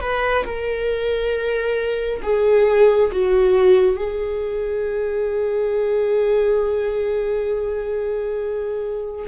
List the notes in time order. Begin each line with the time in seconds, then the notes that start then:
0.00 B4
0.45 A#4
2.23 G#4
3.12 F#4
3.97 G#4